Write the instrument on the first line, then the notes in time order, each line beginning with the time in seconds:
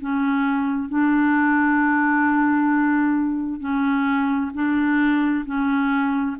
clarinet
0.00 C#4
0.88 D4
3.60 C#4
4.54 D4
5.45 C#4